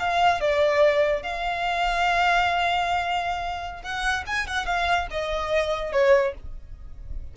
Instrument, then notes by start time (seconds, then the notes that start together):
violin
0.00 F5
0.41 D5
1.23 F5
3.83 F#5
4.27 G#5
4.48 F#5
4.66 F5
5.11 D#5
5.93 C#5